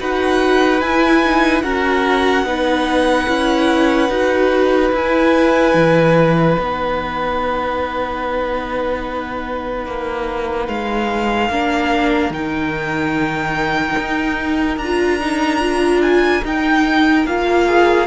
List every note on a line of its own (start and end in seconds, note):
0.00 0.82 D#4
0.00 0.82 F#4
0.00 1.64 B4
0.00 0.82 F#5
0.82 1.64 E4
0.82 1.24 E4
0.82 1.62 G#5
1.24 1.64 D#4
1.62 2.46 C#4
1.62 2.44 F#4
1.62 2.46 A#4
1.62 4.91 F#5
2.44 3.26 B3
2.44 3.28 D#4
2.44 11.51 B4
3.28 4.10 C#4
3.28 4.10 E4
4.10 4.92 D#4
4.10 4.93 F#4
4.92 5.74 E4
4.92 6.57 E4
4.92 6.58 G#5
5.75 6.57 E3
6.57 9.86 B3
6.57 11.50 D#4
6.57 10.68 F#5
9.86 10.68 A#3
10.68 11.50 G#3
10.68 12.33 F5
11.50 12.31 A#3
11.50 12.33 D4
11.50 17.67 A#4
12.31 13.95 D#3
12.31 14.80 D#4
12.31 14.78 G5
13.99 14.78 D#4
14.78 16.42 D4
14.78 16.02 A#5
14.84 15.20 F4
15.20 15.60 D#4
15.60 16.42 F4
16.02 16.43 G#5
16.44 17.27 D#4
16.44 17.27 G5
17.27 18.07 A#3
17.27 18.07 F4
17.27 18.07 F5
17.67 18.07 G#4